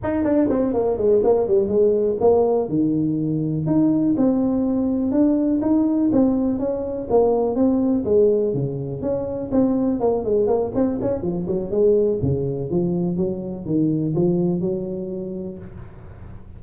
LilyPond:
\new Staff \with { instrumentName = "tuba" } { \time 4/4 \tempo 4 = 123 dis'8 d'8 c'8 ais8 gis8 ais8 g8 gis8~ | gis8 ais4 dis2 dis'8~ | dis'8 c'2 d'4 dis'8~ | dis'8 c'4 cis'4 ais4 c'8~ |
c'8 gis4 cis4 cis'4 c'8~ | c'8 ais8 gis8 ais8 c'8 cis'8 f8 fis8 | gis4 cis4 f4 fis4 | dis4 f4 fis2 | }